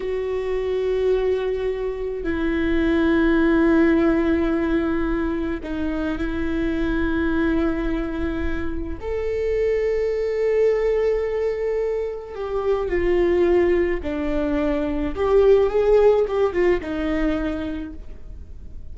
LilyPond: \new Staff \with { instrumentName = "viola" } { \time 4/4 \tempo 4 = 107 fis'1 | e'1~ | e'2 dis'4 e'4~ | e'1 |
a'1~ | a'2 g'4 f'4~ | f'4 d'2 g'4 | gis'4 g'8 f'8 dis'2 | }